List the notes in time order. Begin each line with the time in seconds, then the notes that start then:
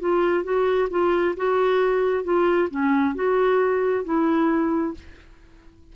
0.00 F4
0.44 F#4
0.90 F4
1.37 F#4
2.24 F4
2.71 C#4
3.15 F#4
4.05 E4